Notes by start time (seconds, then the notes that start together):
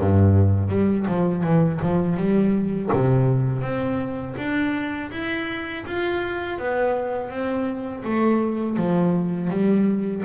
0.00 G2
0.70 G3
1.07 F3
1.44 E3
1.83 F3
2.17 G3
2.93 C3
3.62 C4
4.38 D4
5.12 E4
5.87 F4
6.59 B3
7.30 C4
8.04 A3
8.77 F3
9.51 G3